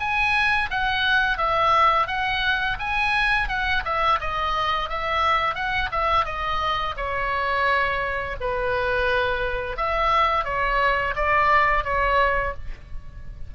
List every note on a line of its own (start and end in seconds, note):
0.00 0.70 G#5
0.71 1.38 F#5
1.38 2.07 E5
2.07 2.77 F#5
2.79 3.49 G#5
3.49 3.83 F#5
3.85 4.20 E5
4.21 4.89 D#5
4.89 5.55 E5
5.55 5.90 F#5
5.92 6.25 E5
6.25 6.95 D#5
6.97 8.37 C#5
8.40 9.77 B4
9.77 10.45 E5
10.45 11.14 C#5
11.16 11.84 D5
11.84 12.54 C#5